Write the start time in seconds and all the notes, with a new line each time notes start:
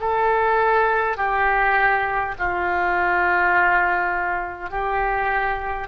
0.00 A4
1.17 G4
2.38 F4
4.70 G4